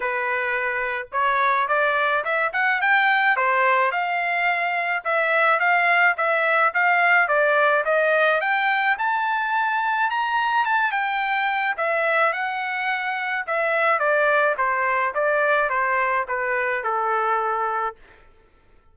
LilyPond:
\new Staff \with { instrumentName = "trumpet" } { \time 4/4 \tempo 4 = 107 b'2 cis''4 d''4 | e''8 fis''8 g''4 c''4 f''4~ | f''4 e''4 f''4 e''4 | f''4 d''4 dis''4 g''4 |
a''2 ais''4 a''8 g''8~ | g''4 e''4 fis''2 | e''4 d''4 c''4 d''4 | c''4 b'4 a'2 | }